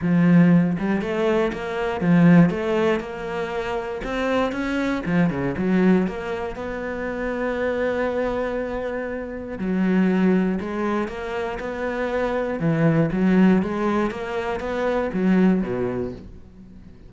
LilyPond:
\new Staff \with { instrumentName = "cello" } { \time 4/4 \tempo 4 = 119 f4. g8 a4 ais4 | f4 a4 ais2 | c'4 cis'4 f8 cis8 fis4 | ais4 b2.~ |
b2. fis4~ | fis4 gis4 ais4 b4~ | b4 e4 fis4 gis4 | ais4 b4 fis4 b,4 | }